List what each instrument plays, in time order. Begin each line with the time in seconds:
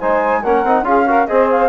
0.00 bassoon G#3, trombone D#4, saxophone C5, flute G#5
0.41 bassoon A#3, trombone C#4, saxophone A#4, flute F#5
0.64 bassoon C4, trombone D#4
0.82 bassoon C#4, trombone F4, saxophone G#4, flute F5
1.07 trombone F#4, saxophone A#4
1.27 bassoon C4, trombone G#4, saxophone C5, flute D#5
1.51 flute F5